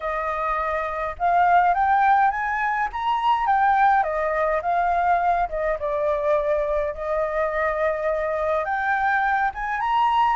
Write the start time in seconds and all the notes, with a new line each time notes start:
0.00 D#5
1.18 F5
1.74 G5
2.31 G#5
2.92 A#5
3.46 G5
4.03 D#5
4.62 F5
5.49 D#5
5.79 D5
6.94 D#5
8.64 G5
9.54 G#5
9.80 A#5